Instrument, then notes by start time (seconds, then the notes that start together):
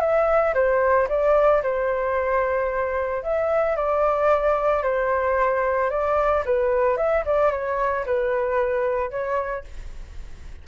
flute
0.00 E5
0.54 C5
1.08 D5
1.63 C5
3.23 E5
3.76 D5
4.83 C5
5.90 D5
6.45 B4
6.97 E5
7.25 D5
7.51 C#5
8.06 B4
9.10 C#5